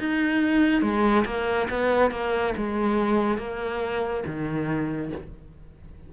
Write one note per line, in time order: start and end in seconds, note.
0.00 0.82 D#4
0.82 1.25 G#3
1.26 1.69 A#3
1.70 2.11 B3
2.11 2.54 A#3
2.58 3.39 G#3
3.39 4.24 A#3
4.27 5.12 D#3